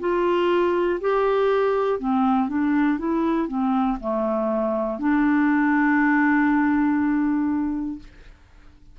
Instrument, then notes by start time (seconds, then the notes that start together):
clarinet
0.00 F4
1.00 G4
2.00 C4
2.49 D4
2.99 E4
3.48 C4
4.00 A3
5.00 D4